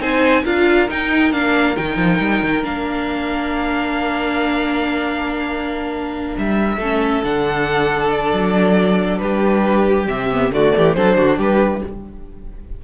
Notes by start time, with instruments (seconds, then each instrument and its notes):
0.00 cello C4, viola D#4, violin C5 G#5
0.44 cello D4, viola F4, violin A#4 F5
0.89 viola D#4, cello D#4, violin G5
1.32 cello A#3, viola D4, violin F5
1.76 cello D#3, viola D#4, violin G5
1.97 cello F3
2.19 cello G3
2.42 cello D#3
2.63 cello A#3, viola D4, violin F5
6.38 cello G3, violin E5
6.77 cello A3, viola C#4, violin A4
7.24 cello D3, viola D4, violin F#5
8.10 violin D5
8.33 cello F#3
9.19 cello G3, violin G4 B4
10.07 cello C3, viola C4, violin E5
10.31 viola B3
10.51 cello D3, viola A3, violin F#4 D5
10.76 cello E3, violin G4
10.94 cello F#3, viola D4, violin A4 C5
11.17 cello D3, violin F#4
11.38 cello G3, violin G4 B4